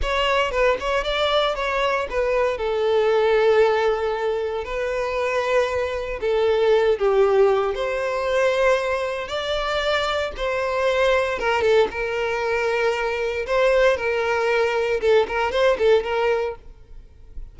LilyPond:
\new Staff \with { instrumentName = "violin" } { \time 4/4 \tempo 4 = 116 cis''4 b'8 cis''8 d''4 cis''4 | b'4 a'2.~ | a'4 b'2. | a'4. g'4. c''4~ |
c''2 d''2 | c''2 ais'8 a'8 ais'4~ | ais'2 c''4 ais'4~ | ais'4 a'8 ais'8 c''8 a'8 ais'4 | }